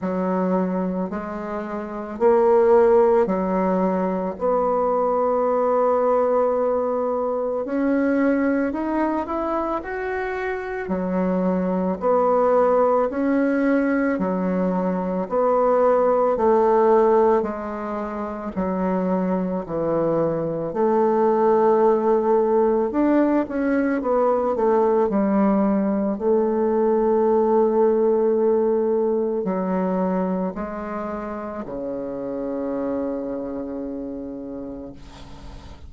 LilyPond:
\new Staff \with { instrumentName = "bassoon" } { \time 4/4 \tempo 4 = 55 fis4 gis4 ais4 fis4 | b2. cis'4 | dis'8 e'8 fis'4 fis4 b4 | cis'4 fis4 b4 a4 |
gis4 fis4 e4 a4~ | a4 d'8 cis'8 b8 a8 g4 | a2. fis4 | gis4 cis2. | }